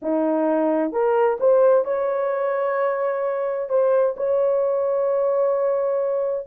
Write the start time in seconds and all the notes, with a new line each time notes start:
0.02 D#4
0.91 A#4
1.40 C5
1.84 C#5
3.69 C5
4.16 C#5